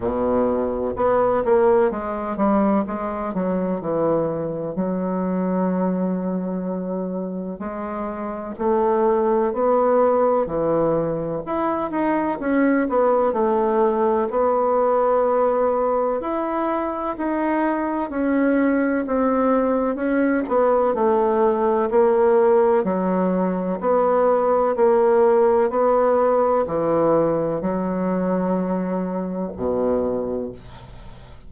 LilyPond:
\new Staff \with { instrumentName = "bassoon" } { \time 4/4 \tempo 4 = 63 b,4 b8 ais8 gis8 g8 gis8 fis8 | e4 fis2. | gis4 a4 b4 e4 | e'8 dis'8 cis'8 b8 a4 b4~ |
b4 e'4 dis'4 cis'4 | c'4 cis'8 b8 a4 ais4 | fis4 b4 ais4 b4 | e4 fis2 b,4 | }